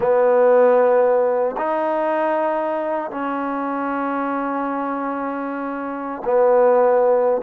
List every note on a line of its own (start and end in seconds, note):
0.00 1.55 B3
1.57 3.10 D#4
3.10 6.22 C#4
6.24 7.41 B3